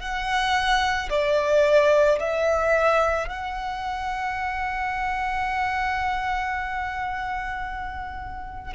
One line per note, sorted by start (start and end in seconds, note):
0.00 1.09 F#5
1.10 2.19 D5
2.19 3.28 E5
3.28 8.74 F#5